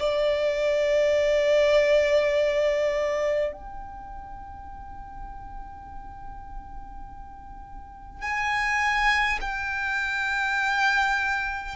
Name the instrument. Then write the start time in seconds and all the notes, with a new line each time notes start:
violin
0.00 D5
3.53 G5
8.22 G#5
9.42 G5